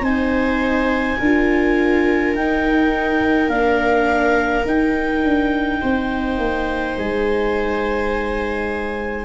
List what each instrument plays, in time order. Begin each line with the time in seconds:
0.00 tuba C4, viola D#4 C5, clarinet G#5
1.18 tuba D4, viola F4 A#4
2.34 tuba D#4, viola D#4, clarinet G5
3.48 tuba A#3, viola D4, clarinet F5
4.65 tuba D#4, viola D#4, clarinet G5
5.23 tuba D4
5.80 tuba C4, viola C5
6.38 tuba A#3
6.97 tuba G#3, clarinet G#5